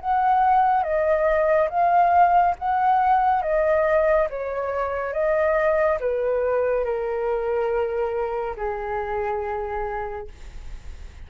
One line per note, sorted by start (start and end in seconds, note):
0.00 0.83 F#5
0.83 1.69 D#5
1.69 2.55 F5
2.58 3.42 F#5
3.42 4.28 D#5
4.30 5.13 C#5
5.13 5.98 D#5
6.00 6.85 B4
6.85 8.56 A#4
8.56 10.28 G#4